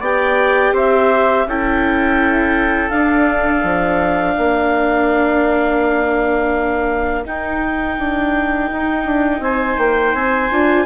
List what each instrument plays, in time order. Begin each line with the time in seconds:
0.00 bassoon B3, viola G4, trumpet D5, clarinet G5
0.72 bassoon C4, trumpet C5, clarinet E5
1.46 bassoon C#4, viola E4, trumpet A4, clarinet G5
2.89 viola D4, bassoon D4, clarinet F5
3.63 bassoon F3
4.36 bassoon A#3, trumpet A#4
7.25 viola D#4, bassoon D#4, clarinet G5
7.98 bassoon D4
8.72 bassoon D#4
9.05 bassoon D4
9.39 bassoon C4, trumpet C5, clarinet G#5
9.77 bassoon A#3, clarinet G5
10.14 bassoon C4, clarinet G#5
10.51 bassoon D4, viola F4